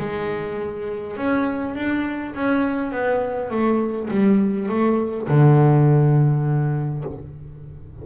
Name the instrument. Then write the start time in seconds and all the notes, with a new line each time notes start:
double bass
0.00 G#3
1.17 C#4
1.76 D4
2.35 C#4
2.92 B3
3.51 A3
4.11 G3
4.69 A3
5.28 D3